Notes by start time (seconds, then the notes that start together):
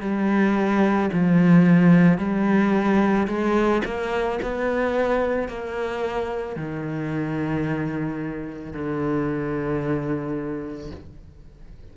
0.00 G3
1.13 F3
2.18 G3
3.27 G#3
3.84 A#3
4.42 B3
5.48 A#3
6.56 D#3
8.72 D3